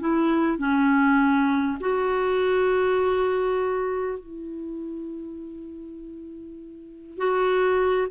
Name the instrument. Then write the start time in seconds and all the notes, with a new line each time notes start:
clarinet
0.00 E4
0.58 C#4
1.81 F#4
4.19 E4
7.18 F#4